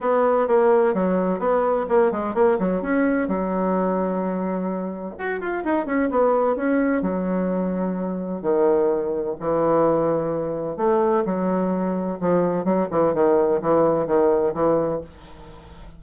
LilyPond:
\new Staff \with { instrumentName = "bassoon" } { \time 4/4 \tempo 4 = 128 b4 ais4 fis4 b4 | ais8 gis8 ais8 fis8 cis'4 fis4~ | fis2. fis'8 f'8 | dis'8 cis'8 b4 cis'4 fis4~ |
fis2 dis2 | e2. a4 | fis2 f4 fis8 e8 | dis4 e4 dis4 e4 | }